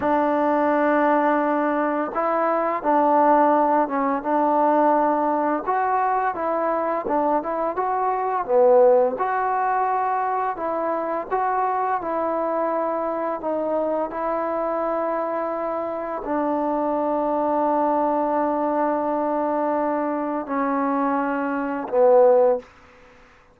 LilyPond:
\new Staff \with { instrumentName = "trombone" } { \time 4/4 \tempo 4 = 85 d'2. e'4 | d'4. cis'8 d'2 | fis'4 e'4 d'8 e'8 fis'4 | b4 fis'2 e'4 |
fis'4 e'2 dis'4 | e'2. d'4~ | d'1~ | d'4 cis'2 b4 | }